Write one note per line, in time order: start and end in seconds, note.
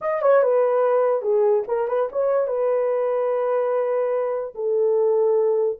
0.01 0.22 D#5
0.22 0.42 C#5
0.42 1.22 B4
1.22 1.63 G#4
1.67 1.88 A#4
1.88 2.08 B4
2.12 2.47 C#5
2.47 4.54 B4
4.54 5.79 A4